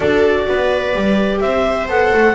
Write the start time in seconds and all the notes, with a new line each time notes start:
0.00 D4 F#4 A4 D5
0.48 B3 B4
0.93 G3 G4
1.40 C4 C5 E5
1.88 B3 A4 F#5
2.13 A3